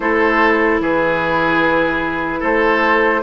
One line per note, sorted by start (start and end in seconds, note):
0.00 0.80 A3
0.00 3.22 E4
0.00 0.81 A4
0.00 0.80 C5
0.80 2.42 E3
0.80 2.39 G#4
0.80 2.43 B4
2.39 3.22 A3
2.39 3.20 A4
2.39 3.22 C5